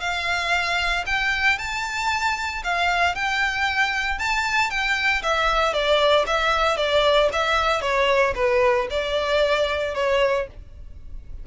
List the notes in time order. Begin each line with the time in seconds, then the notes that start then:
0.00 F5
1.06 G5
1.58 A5
2.64 F5
3.15 G5
4.19 A5
4.70 G5
5.22 E5
5.73 D5
6.27 E5
6.77 D5
7.33 E5
7.81 C#5
8.35 B4
8.90 D5
9.95 C#5